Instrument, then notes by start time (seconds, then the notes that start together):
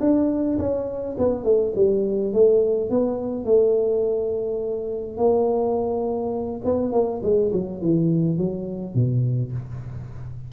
tuba
0.00 D4
0.58 C#4
1.18 B3
1.44 A3
1.75 G3
2.33 A3
2.90 B3
3.45 A3
5.17 A#3
6.65 B3
6.92 A#3
7.23 G#3
7.53 F#3
7.81 E3
8.38 F#3
8.94 B2